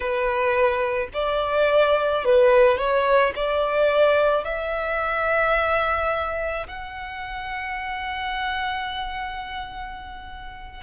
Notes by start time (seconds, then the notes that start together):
0.00 B4
1.13 D5
2.25 B4
2.77 C#5
3.35 D5
4.44 E5
6.67 F#5